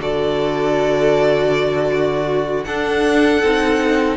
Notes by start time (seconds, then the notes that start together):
0.00 D3 F#4 A4 D5
1.92 F#4
2.64 D4 A4 F#5
3.43 C4 D#4